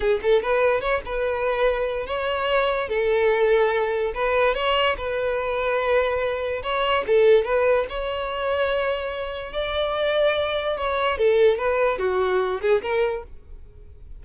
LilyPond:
\new Staff \with { instrumentName = "violin" } { \time 4/4 \tempo 4 = 145 gis'8 a'8 b'4 cis''8 b'4.~ | b'4 cis''2 a'4~ | a'2 b'4 cis''4 | b'1 |
cis''4 a'4 b'4 cis''4~ | cis''2. d''4~ | d''2 cis''4 a'4 | b'4 fis'4. gis'8 ais'4 | }